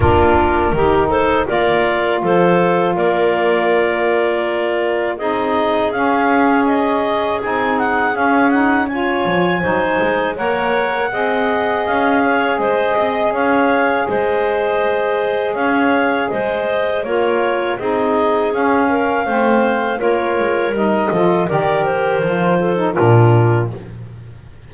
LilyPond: <<
  \new Staff \with { instrumentName = "clarinet" } { \time 4/4 \tempo 4 = 81 ais'4. c''8 d''4 c''4 | d''2. dis''4 | f''4 dis''4 gis''8 fis''8 f''8 fis''8 | gis''2 fis''2 |
f''4 dis''4 f''4 dis''4~ | dis''4 f''4 dis''4 cis''4 | dis''4 f''2 cis''4 | dis''4 d''8 c''4. ais'4 | }
  \new Staff \with { instrumentName = "clarinet" } { \time 4/4 f'4 g'8 a'8 ais'4 a'4 | ais'2. gis'4~ | gis'1 | cis''4 c''4 cis''4 dis''4~ |
dis''8 cis''8 c''8 dis''8 cis''4 c''4~ | c''4 cis''4 c''4 ais'4 | gis'4. ais'8 c''4 ais'4~ | ais'8 a'8 ais'4. a'8 f'4 | }
  \new Staff \with { instrumentName = "saxophone" } { \time 4/4 d'4 dis'4 f'2~ | f'2. dis'4 | cis'2 dis'4 cis'8 dis'8 | f'4 dis'4 ais'4 gis'4~ |
gis'1~ | gis'2. f'4 | dis'4 cis'4 c'4 f'4 | dis'8 f'8 g'4 f'8. dis'16 d'4 | }
  \new Staff \with { instrumentName = "double bass" } { \time 4/4 ais4 dis4 ais4 f4 | ais2. c'4 | cis'2 c'4 cis'4~ | cis'8 f8 fis8 gis8 ais4 c'4 |
cis'4 gis8 c'8 cis'4 gis4~ | gis4 cis'4 gis4 ais4 | c'4 cis'4 a4 ais8 gis8 | g8 f8 dis4 f4 ais,4 | }
>>